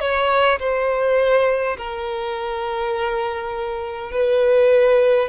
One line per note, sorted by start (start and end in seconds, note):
0.00 0.59 C#5
0.59 1.77 C5
1.78 4.12 A#4
4.12 5.29 B4